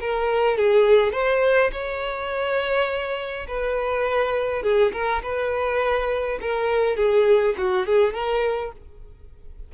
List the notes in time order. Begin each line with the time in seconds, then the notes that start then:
0.00 A#4
0.57 G#4
1.12 C5
1.72 C#5
3.47 B4
4.63 G#4
4.92 A#4
5.22 B4
6.41 A#4
6.96 G#4
7.57 F#4
7.86 G#4
8.13 A#4